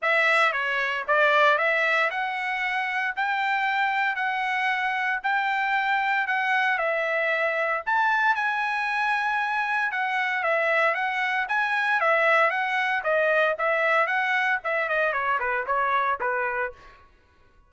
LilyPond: \new Staff \with { instrumentName = "trumpet" } { \time 4/4 \tempo 4 = 115 e''4 cis''4 d''4 e''4 | fis''2 g''2 | fis''2 g''2 | fis''4 e''2 a''4 |
gis''2. fis''4 | e''4 fis''4 gis''4 e''4 | fis''4 dis''4 e''4 fis''4 | e''8 dis''8 cis''8 b'8 cis''4 b'4 | }